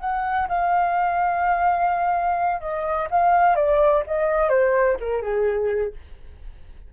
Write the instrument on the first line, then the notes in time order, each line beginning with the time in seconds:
flute
0.00 F#5
0.48 F5
2.61 D#5
3.10 F5
3.55 D5
4.06 D#5
4.49 C5
5.00 A#4
5.22 G#4